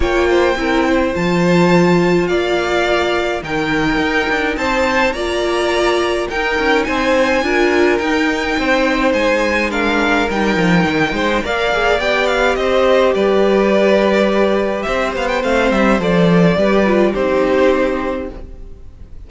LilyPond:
<<
  \new Staff \with { instrumentName = "violin" } { \time 4/4 \tempo 4 = 105 g''2 a''2 | f''2 g''2 | a''4 ais''2 g''4 | gis''2 g''2 |
gis''4 f''4 g''2 | f''4 g''8 f''8 dis''4 d''4~ | d''2 e''8 f''16 g''16 f''8 e''8 | d''2 c''2 | }
  \new Staff \with { instrumentName = "violin" } { \time 4/4 cis''8 c''8 ais'8 c''2~ c''8 | d''2 ais'2 | c''4 d''2 ais'4 | c''4 ais'2 c''4~ |
c''4 ais'2~ ais'8 c''8 | d''2 c''4 b'4~ | b'2 c''2~ | c''4 b'4 g'2 | }
  \new Staff \with { instrumentName = "viola" } { \time 4/4 f'4 e'4 f'2~ | f'2 dis'2~ | dis'4 f'2 dis'4~ | dis'4 f'4 dis'2~ |
dis'4 d'4 dis'2 | ais'8 gis'8 g'2.~ | g'2. c'4 | a'4 g'8 f'8 dis'2 | }
  \new Staff \with { instrumentName = "cello" } { \time 4/4 ais4 c'4 f2 | ais2 dis4 dis'8 d'8 | c'4 ais2 dis'8 cis'8 | c'4 d'4 dis'4 c'4 |
gis2 g8 f8 dis8 gis8 | ais4 b4 c'4 g4~ | g2 c'8 b8 a8 g8 | f4 g4 c'2 | }
>>